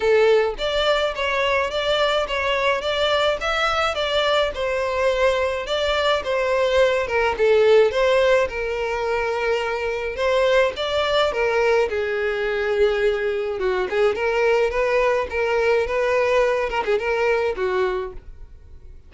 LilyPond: \new Staff \with { instrumentName = "violin" } { \time 4/4 \tempo 4 = 106 a'4 d''4 cis''4 d''4 | cis''4 d''4 e''4 d''4 | c''2 d''4 c''4~ | c''8 ais'8 a'4 c''4 ais'4~ |
ais'2 c''4 d''4 | ais'4 gis'2. | fis'8 gis'8 ais'4 b'4 ais'4 | b'4. ais'16 gis'16 ais'4 fis'4 | }